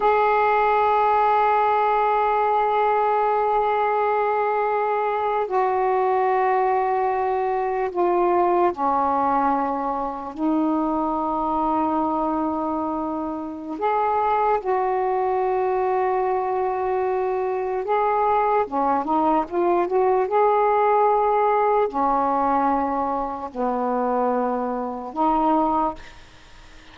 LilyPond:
\new Staff \with { instrumentName = "saxophone" } { \time 4/4 \tempo 4 = 74 gis'1~ | gis'2~ gis'8. fis'4~ fis'16~ | fis'4.~ fis'16 f'4 cis'4~ cis'16~ | cis'8. dis'2.~ dis'16~ |
dis'4 gis'4 fis'2~ | fis'2 gis'4 cis'8 dis'8 | f'8 fis'8 gis'2 cis'4~ | cis'4 b2 dis'4 | }